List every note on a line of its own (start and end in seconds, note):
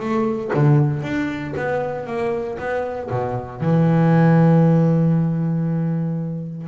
0.00 0.51 A3
0.54 1.03 D3
1.03 1.54 D4
1.57 2.07 B3
2.07 2.58 A#3
2.58 3.09 B3
3.10 3.61 B2
3.61 6.68 E3